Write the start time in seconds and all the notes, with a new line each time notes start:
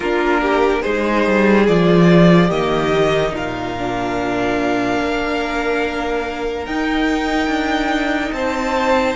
0.00 A#3 D4 F4 A#4
0.41 G4
0.82 G#3 D#4 G#4 C5
1.26 G3
1.67 F3 F4 D5
2.47 D#3 A#3 G4 D#5
2.94 D#4
3.33 A#2 A#4 F5
3.77 D4
5.01 A#3
6.65 D#4 G5
7.47 D4
8.32 C4 C5 A5